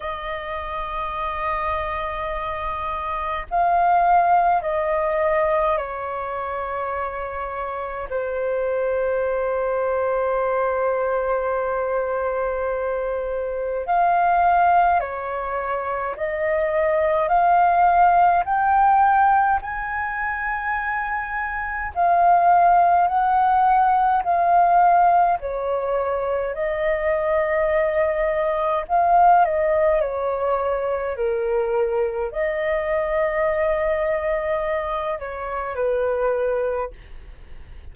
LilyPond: \new Staff \with { instrumentName = "flute" } { \time 4/4 \tempo 4 = 52 dis''2. f''4 | dis''4 cis''2 c''4~ | c''1 | f''4 cis''4 dis''4 f''4 |
g''4 gis''2 f''4 | fis''4 f''4 cis''4 dis''4~ | dis''4 f''8 dis''8 cis''4 ais'4 | dis''2~ dis''8 cis''8 b'4 | }